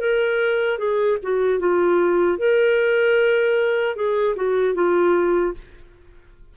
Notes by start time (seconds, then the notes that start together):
0.00 A#4
0.78 G#4
1.22 F#4
1.59 F4
2.38 A#4
3.96 G#4
4.36 F#4
4.75 F4